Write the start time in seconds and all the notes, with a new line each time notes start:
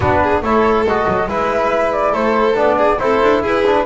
0.00 B3 D4 F#4 B4
0.22 G#4
0.41 A3 E4 A4 C#5
0.84 G#3 F#4 D#5
1.07 F#3
1.27 G#3 E4 B4 E5
1.92 D5
2.11 A3 A4 C5
2.54 B3 D4 D5
2.77 G#4
2.99 C4 E4 A4 C5
3.22 D4
3.42 E4 G#4 B4
3.66 D4